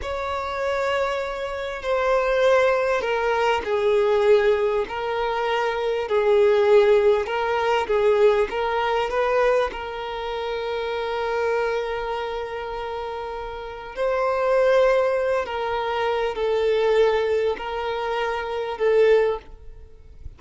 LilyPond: \new Staff \with { instrumentName = "violin" } { \time 4/4 \tempo 4 = 99 cis''2. c''4~ | c''4 ais'4 gis'2 | ais'2 gis'2 | ais'4 gis'4 ais'4 b'4 |
ais'1~ | ais'2. c''4~ | c''4. ais'4. a'4~ | a'4 ais'2 a'4 | }